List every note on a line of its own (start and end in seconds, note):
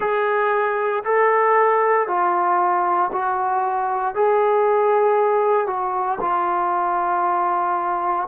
0.00 1.03 G#4
1.03 2.07 A4
2.07 3.10 F4
3.12 4.14 F#4
4.14 5.67 G#4
5.67 6.18 F#4
6.20 8.27 F4